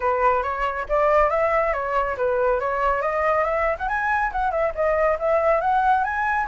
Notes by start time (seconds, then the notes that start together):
0.00 B4
0.43 C#5
0.88 D5
1.29 E5
1.73 C#5
2.17 B4
2.60 C#5
3.01 D#5
3.44 E5
3.78 F#5
3.88 G#5
4.32 F#5
4.51 E5
4.74 D#5
5.19 E5
5.60 F#5
6.04 G#5